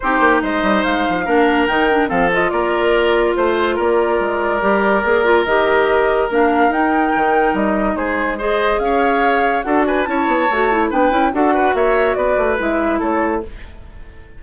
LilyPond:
<<
  \new Staff \with { instrumentName = "flute" } { \time 4/4 \tempo 4 = 143 c''4 dis''4 f''2 | g''4 f''8 dis''8 d''2 | c''4 d''2.~ | d''4 dis''2 f''4 |
g''2 dis''4 c''4 | dis''4 f''2 fis''8 gis''8 | a''2 g''4 fis''4 | e''4 d''4 e''4 cis''4 | }
  \new Staff \with { instrumentName = "oboe" } { \time 4/4 g'4 c''2 ais'4~ | ais'4 a'4 ais'2 | c''4 ais'2.~ | ais'1~ |
ais'2. gis'4 | c''4 cis''2 a'8 b'8 | cis''2 b'4 a'8 b'8 | cis''4 b'2 a'4 | }
  \new Staff \with { instrumentName = "clarinet" } { \time 4/4 dis'2. d'4 | dis'8 d'8 c'8 f'2~ f'8~ | f'2. g'4 | gis'8 f'8 g'2 d'4 |
dis'1 | gis'2. fis'4 | e'4 fis'8 e'8 d'8 e'8 fis'4~ | fis'2 e'2 | }
  \new Staff \with { instrumentName = "bassoon" } { \time 4/4 c'8 ais8 gis8 g8 gis8 f8 ais4 | dis4 f4 ais2 | a4 ais4 gis4 g4 | ais4 dis2 ais4 |
dis'4 dis4 g4 gis4~ | gis4 cis'2 d'4 | cis'8 b8 a4 b8 cis'8 d'4 | ais4 b8 a8 gis4 a4 | }
>>